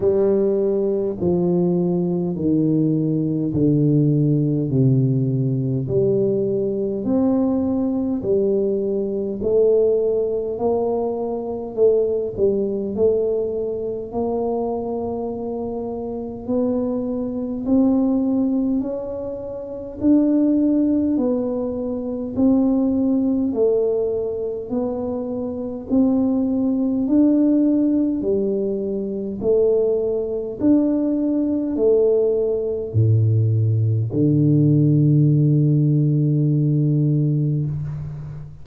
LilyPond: \new Staff \with { instrumentName = "tuba" } { \time 4/4 \tempo 4 = 51 g4 f4 dis4 d4 | c4 g4 c'4 g4 | a4 ais4 a8 g8 a4 | ais2 b4 c'4 |
cis'4 d'4 b4 c'4 | a4 b4 c'4 d'4 | g4 a4 d'4 a4 | a,4 d2. | }